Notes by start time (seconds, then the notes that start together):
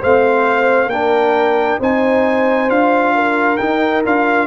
0.00 A3 C4 C5 F5
0.87 A#3 D4 A#4 G5
1.80 C4 D#4 C5 G#5
2.69 D4 F4 F5
3.15 A#4
3.57 D#4 G5
4.06 D4 F4 F5